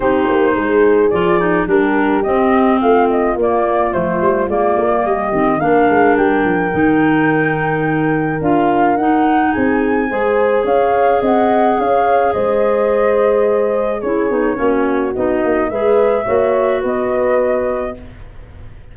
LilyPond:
<<
  \new Staff \with { instrumentName = "flute" } { \time 4/4 \tempo 4 = 107 c''2 d''4 ais'4 | dis''4 f''8 dis''8 d''4 c''4 | d''4 dis''4 f''4 g''4~ | g''2. f''4 |
fis''4 gis''2 f''4 | fis''4 f''4 dis''2~ | dis''4 cis''2 dis''4 | e''2 dis''2 | }
  \new Staff \with { instrumentName = "horn" } { \time 4/4 g'4 gis'2 g'4~ | g'4 f'2.~ | f'4 g'4 ais'2~ | ais'1~ |
ais'4 gis'4 c''4 cis''4 | dis''4 cis''4 c''2~ | c''4 gis'4 fis'2 | b'4 cis''4 b'2 | }
  \new Staff \with { instrumentName = "clarinet" } { \time 4/4 dis'2 f'8 dis'8 d'4 | c'2 ais4 a4 | ais4. c'8 d'2 | dis'2. f'4 |
dis'2 gis'2~ | gis'1~ | gis'4 e'8 dis'8 cis'4 dis'4 | gis'4 fis'2. | }
  \new Staff \with { instrumentName = "tuba" } { \time 4/4 c'8 ais8 gis4 f4 g4 | c'4 a4 ais4 f8 g8 | gis8 ais8 g8 dis8 ais8 gis8 g8 f8 | dis2. d'4 |
dis'4 c'4 gis4 cis'4 | c'4 cis'4 gis2~ | gis4 cis'8 b8 ais4 b8 ais8 | gis4 ais4 b2 | }
>>